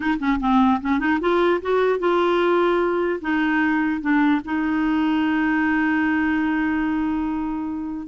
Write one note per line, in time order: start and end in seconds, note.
0.00 0.18 D#4
0.19 0.39 C#4
0.40 0.80 C4
0.81 0.99 C#4
0.99 1.19 D#4
1.20 1.60 F4
1.61 1.99 F#4
1.99 3.20 F4
3.21 4.01 D#4
4.01 4.41 D4
4.44 8.07 D#4